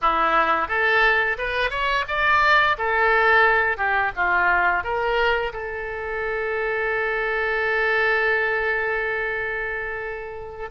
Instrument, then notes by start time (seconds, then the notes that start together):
oboe
0.01 E4
0.68 A4
1.38 B4
1.70 C#5
2.08 D5
2.77 A4
3.77 G4
4.15 F4
4.83 A#4
5.52 A4